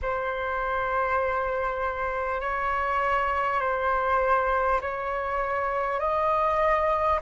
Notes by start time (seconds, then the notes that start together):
0.02 C5
2.41 C#5
3.60 C5
4.81 C#5
5.99 D#5